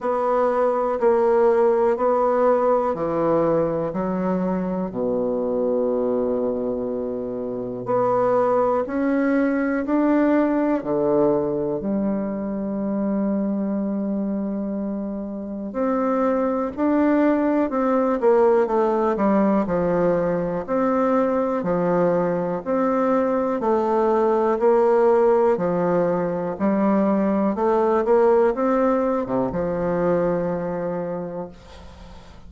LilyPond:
\new Staff \with { instrumentName = "bassoon" } { \time 4/4 \tempo 4 = 61 b4 ais4 b4 e4 | fis4 b,2. | b4 cis'4 d'4 d4 | g1 |
c'4 d'4 c'8 ais8 a8 g8 | f4 c'4 f4 c'4 | a4 ais4 f4 g4 | a8 ais8 c'8. c16 f2 | }